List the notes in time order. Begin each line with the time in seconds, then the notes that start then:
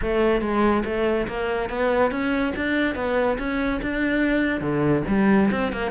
0.01 A3
0.41 G#3
0.85 A3
1.27 A#3
1.69 B3
2.11 C#4
2.55 D4
2.95 B3
3.38 C#4
3.81 D4
4.60 D3
5.07 G3
5.51 C4
5.72 A#3